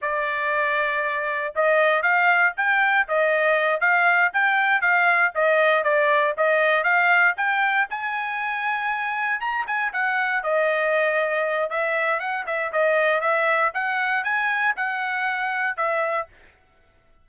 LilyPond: \new Staff \with { instrumentName = "trumpet" } { \time 4/4 \tempo 4 = 118 d''2. dis''4 | f''4 g''4 dis''4. f''8~ | f''8 g''4 f''4 dis''4 d''8~ | d''8 dis''4 f''4 g''4 gis''8~ |
gis''2~ gis''8 ais''8 gis''8 fis''8~ | fis''8 dis''2~ dis''8 e''4 | fis''8 e''8 dis''4 e''4 fis''4 | gis''4 fis''2 e''4 | }